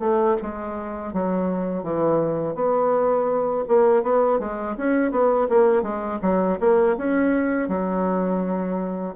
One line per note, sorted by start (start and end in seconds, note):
0.00 0.37 A3
0.42 1.13 G#3
1.13 1.84 F#3
1.84 2.55 E3
2.55 3.65 B3
3.68 4.03 A#3
4.03 4.40 B3
4.40 4.76 G#3
4.77 5.12 C#4
5.12 5.48 B3
5.50 5.83 A#3
5.83 6.19 G#3
6.23 6.59 F#3
6.60 6.97 A#3
6.97 7.69 C#4
7.69 9.15 F#3